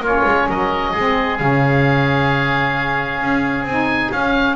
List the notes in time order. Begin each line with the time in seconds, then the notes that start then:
0.00 A#3 C#4 F4
0.07 C#5
0.25 G#3
0.49 F#3 A#4 D#5
0.92 G#3 C4 G#4
1.38 C#3 C#4 F5
3.21 C#4
3.64 C4 G#5
3.70 D#4
4.12 C#4 F5